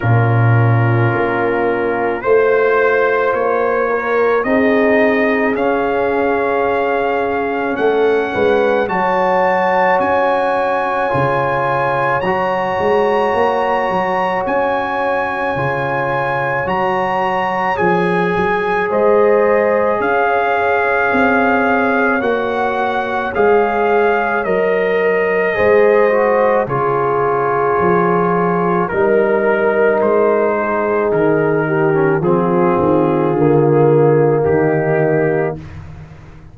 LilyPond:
<<
  \new Staff \with { instrumentName = "trumpet" } { \time 4/4 \tempo 4 = 54 ais'2 c''4 cis''4 | dis''4 f''2 fis''4 | a''4 gis''2 ais''4~ | ais''4 gis''2 ais''4 |
gis''4 dis''4 f''2 | fis''4 f''4 dis''2 | cis''2 ais'4 c''4 | ais'4 gis'2 g'4 | }
  \new Staff \with { instrumentName = "horn" } { \time 4/4 f'2 c''4. ais'8 | gis'2. a'8 b'8 | cis''1~ | cis''1~ |
cis''4 c''4 cis''2~ | cis''2. c''4 | gis'2 ais'4. gis'8~ | gis'8 g'8 f'2 dis'4 | }
  \new Staff \with { instrumentName = "trombone" } { \time 4/4 cis'2 f'2 | dis'4 cis'2. | fis'2 f'4 fis'4~ | fis'2 f'4 fis'4 |
gis'1 | fis'4 gis'4 ais'4 gis'8 fis'8 | f'2 dis'2~ | dis'8. cis'16 c'4 ais2 | }
  \new Staff \with { instrumentName = "tuba" } { \time 4/4 ais,4 ais4 a4 ais4 | c'4 cis'2 a8 gis8 | fis4 cis'4 cis4 fis8 gis8 | ais8 fis8 cis'4 cis4 fis4 |
f8 fis8 gis4 cis'4 c'4 | ais4 gis4 fis4 gis4 | cis4 f4 g4 gis4 | dis4 f8 dis8 d4 dis4 | }
>>